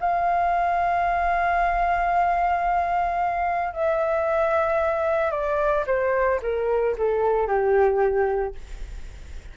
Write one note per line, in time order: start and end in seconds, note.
0.00 3.73 F5
3.73 5.31 E5
5.31 5.85 D5
5.87 6.40 C5
6.42 6.96 A#4
6.98 7.48 A4
7.48 8.55 G4